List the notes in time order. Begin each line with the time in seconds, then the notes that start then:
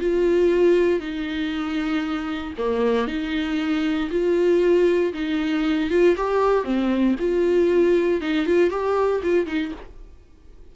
0.00 F4
1.00 D#4
2.58 A#3
3.07 D#4
4.10 F4
5.13 D#4
5.90 F4
6.17 G4
6.64 C4
7.20 F4
8.21 D#4
8.46 F4
8.70 G4
9.23 F4
9.46 D#4